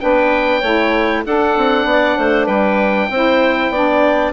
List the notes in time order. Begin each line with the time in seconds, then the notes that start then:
0.00 B3 D4 B4 G5
0.61 A3 E4 C#5
1.26 D4 A4 F#5
1.57 C4
1.85 B3 D5
2.18 A3 C5
2.46 G3 B4 G5
3.10 C4 E4 C5
3.70 B3 D4 D5